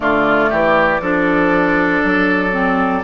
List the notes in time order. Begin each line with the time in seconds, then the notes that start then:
0.00 D3 A3 F4 D5
0.49 E3 G4
1.00 F3 D4 A4
2.03 F#3
2.51 C4